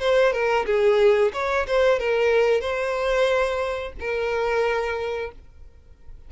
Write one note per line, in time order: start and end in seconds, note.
0.00 0.33 C5
0.33 0.66 A#4
0.66 1.32 G#4
1.33 1.66 C#5
1.67 1.99 C5
1.99 2.61 A#4
2.61 3.93 C5
4.00 5.32 A#4